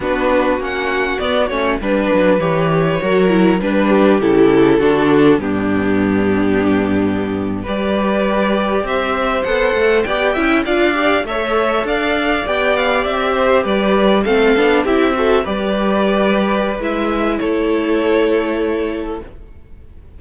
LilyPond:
<<
  \new Staff \with { instrumentName = "violin" } { \time 4/4 \tempo 4 = 100 b'4 fis''4 d''8 cis''8 b'4 | cis''2 b'4 a'4~ | a'4 g'2.~ | g'8. d''2 e''4 fis''16~ |
fis''8. g''4 f''4 e''4 f''16~ | f''8. g''8 f''8 e''4 d''4 f''16~ | f''8. e''4 d''2~ d''16 | e''4 cis''2. | }
  \new Staff \with { instrumentName = "violin" } { \time 4/4 fis'2. b'4~ | b'4 ais'4 b'8 g'4. | fis'4 d'2.~ | d'8. b'2 c''4~ c''16~ |
c''8. d''8 e''8 d''4 cis''4 d''16~ | d''2~ d''16 c''8 b'4 a'16~ | a'8. g'8 a'8 b'2~ b'16~ | b'4 a'2. | }
  \new Staff \with { instrumentName = "viola" } { \time 4/4 d'4 cis'4 b8 cis'8 d'4 | g'4 fis'8 e'8 d'4 e'4 | d'4 b2.~ | b8. g'2. a'16~ |
a'8. g'8 e'8 f'8 g'8 a'4~ a'16~ | a'8. g'2. c'16~ | c'16 d'8 e'8 fis'8 g'2~ g'16 | e'1 | }
  \new Staff \with { instrumentName = "cello" } { \time 4/4 b4 ais4 b8 a8 g8 fis8 | e4 fis4 g4 cis4 | d4 g,2.~ | g,8. g2 c'4 b16~ |
b16 a8 b8 cis'8 d'4 a4 d'16~ | d'8. b4 c'4 g4 a16~ | a16 b8 c'4 g2~ g16 | gis4 a2. | }
>>